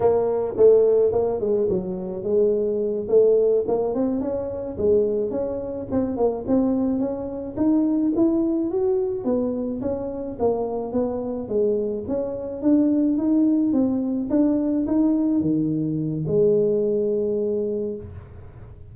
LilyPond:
\new Staff \with { instrumentName = "tuba" } { \time 4/4 \tempo 4 = 107 ais4 a4 ais8 gis8 fis4 | gis4. a4 ais8 c'8 cis'8~ | cis'8 gis4 cis'4 c'8 ais8 c'8~ | c'8 cis'4 dis'4 e'4 fis'8~ |
fis'8 b4 cis'4 ais4 b8~ | b8 gis4 cis'4 d'4 dis'8~ | dis'8 c'4 d'4 dis'4 dis8~ | dis4 gis2. | }